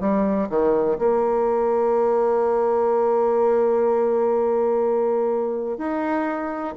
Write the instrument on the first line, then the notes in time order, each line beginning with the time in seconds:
bassoon
0.00 G3
0.49 D#3
0.99 A#3
5.78 D#4